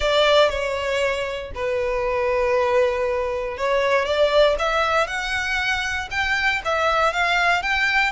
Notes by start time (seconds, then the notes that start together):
0.00 D5
0.49 C#5
1.54 B4
3.57 C#5
4.05 D5
4.59 E5
5.07 F#5
6.10 G5
6.64 E5
7.13 F5
7.62 G5